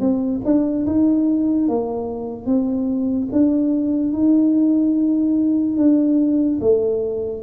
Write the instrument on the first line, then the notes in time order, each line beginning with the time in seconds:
tuba
0.00 C4
0.44 D4
0.86 D#4
1.68 A#3
2.46 C4
3.32 D4
4.12 D#4
5.77 D4
6.61 A3